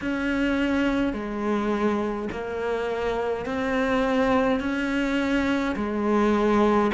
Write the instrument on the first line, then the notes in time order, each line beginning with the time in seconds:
cello
0.01 C#4
1.13 G#3
2.31 A#3
3.45 C4
4.59 C#4
5.75 G#3